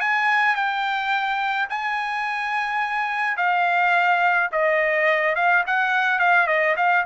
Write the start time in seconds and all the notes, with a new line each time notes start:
0.00 G#5
0.55 G5
1.69 G#5
3.37 F5
4.52 D#5
5.35 F5
5.67 F#5
6.19 F5
6.47 D#5
6.76 F5